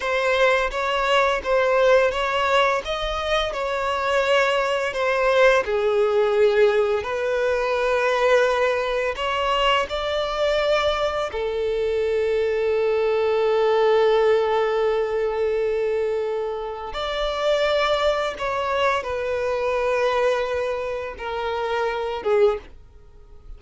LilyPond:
\new Staff \with { instrumentName = "violin" } { \time 4/4 \tempo 4 = 85 c''4 cis''4 c''4 cis''4 | dis''4 cis''2 c''4 | gis'2 b'2~ | b'4 cis''4 d''2 |
a'1~ | a'1 | d''2 cis''4 b'4~ | b'2 ais'4. gis'8 | }